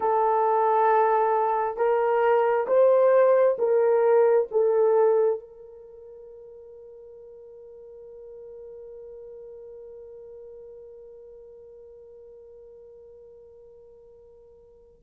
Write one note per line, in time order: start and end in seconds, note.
0.00 1.76 A4
1.76 2.66 A#4
2.67 3.57 C5
3.58 4.47 A#4
4.51 5.39 A4
5.39 15.02 A#4